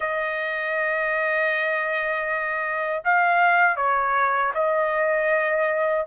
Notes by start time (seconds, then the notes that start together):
0.00 D#5
3.04 F5
3.76 C#5
4.54 D#5